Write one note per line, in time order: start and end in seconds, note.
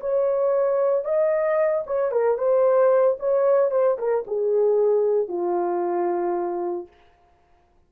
0.00 1.05 C#5
1.05 1.84 D#5
1.86 2.11 C#5
2.11 2.37 A#4
2.37 3.17 C5
3.19 3.71 C#5
3.71 3.97 C5
3.98 4.24 A#4
4.27 5.28 G#4
5.28 6.87 F4